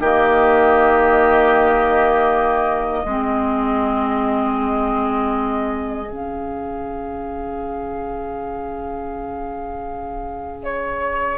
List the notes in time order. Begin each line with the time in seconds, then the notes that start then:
0.00 D#3 A#3 G4 D#5
3.04 G#3 C4 G#4
6.07 C#3 C#4 F5
10.64 C#5